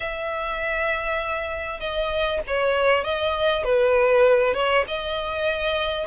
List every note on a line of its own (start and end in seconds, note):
0.00 1.79 E5
1.79 2.40 D#5
2.47 3.04 C#5
3.04 3.64 D#5
3.64 4.53 B4
4.53 4.84 C#5
4.87 6.06 D#5